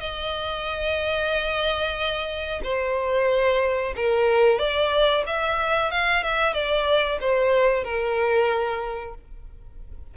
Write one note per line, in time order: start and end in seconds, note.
0.00 2.61 D#5
2.64 3.94 C5
3.96 4.59 A#4
4.59 5.24 D5
5.26 5.91 E5
5.91 6.23 F5
6.23 6.54 E5
6.54 7.19 D5
7.21 7.84 C5
7.84 9.15 A#4